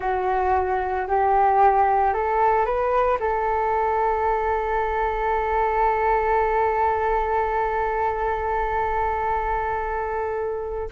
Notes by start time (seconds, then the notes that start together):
0.00 F#4
1.07 G4
2.13 A4
2.65 B4
3.19 A4